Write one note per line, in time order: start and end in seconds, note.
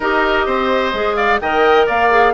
0.00 0.46 D#4
0.00 0.94 G4
0.00 0.46 A#4
0.00 1.15 D#5
0.46 0.93 C4
0.46 1.16 C5
0.93 1.40 G#3
0.93 1.41 G#4
1.15 1.39 D5
1.15 1.38 F5
1.40 1.88 D#3
1.40 2.10 A#4
1.40 1.86 D#5
1.40 1.87 G5
1.86 2.33 A#3
1.86 2.33 D5
1.86 2.33 F5
2.10 2.33 G#4